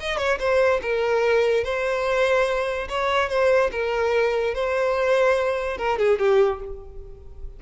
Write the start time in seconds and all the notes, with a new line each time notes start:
0.00 D#5
0.17 C#5
0.39 C5
0.82 A#4
1.64 C5
2.89 C#5
3.29 C5
3.71 A#4
4.54 C5
5.78 A#4
5.98 G#4
6.19 G4